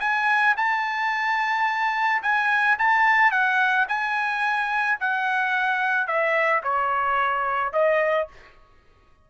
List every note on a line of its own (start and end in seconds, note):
0.00 0.55 G#5
0.57 2.22 A5
2.22 2.77 G#5
2.79 3.31 A5
3.31 3.86 F#5
3.89 4.99 G#5
5.00 6.07 F#5
6.07 6.62 E5
6.63 7.73 C#5
7.73 8.28 D#5